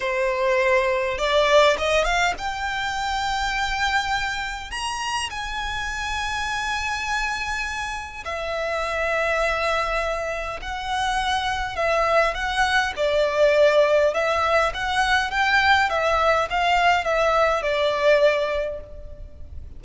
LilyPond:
\new Staff \with { instrumentName = "violin" } { \time 4/4 \tempo 4 = 102 c''2 d''4 dis''8 f''8 | g''1 | ais''4 gis''2.~ | gis''2 e''2~ |
e''2 fis''2 | e''4 fis''4 d''2 | e''4 fis''4 g''4 e''4 | f''4 e''4 d''2 | }